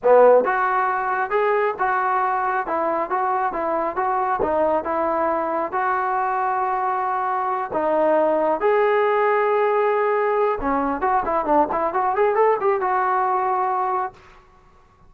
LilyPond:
\new Staff \with { instrumentName = "trombone" } { \time 4/4 \tempo 4 = 136 b4 fis'2 gis'4 | fis'2 e'4 fis'4 | e'4 fis'4 dis'4 e'4~ | e'4 fis'2.~ |
fis'4. dis'2 gis'8~ | gis'1 | cis'4 fis'8 e'8 d'8 e'8 fis'8 gis'8 | a'8 g'8 fis'2. | }